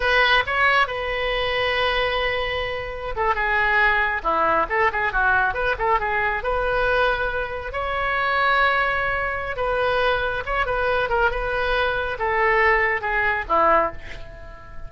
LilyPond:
\new Staff \with { instrumentName = "oboe" } { \time 4/4 \tempo 4 = 138 b'4 cis''4 b'2~ | b'2.~ b'16 a'8 gis'16~ | gis'4.~ gis'16 e'4 a'8 gis'8 fis'16~ | fis'8. b'8 a'8 gis'4 b'4~ b'16~ |
b'4.~ b'16 cis''2~ cis''16~ | cis''2 b'2 | cis''8 b'4 ais'8 b'2 | a'2 gis'4 e'4 | }